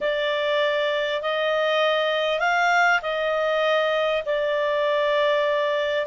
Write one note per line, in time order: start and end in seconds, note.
0.00 1.21 D5
1.22 2.39 D#5
2.39 3.00 F5
3.02 4.23 D#5
4.25 6.06 D5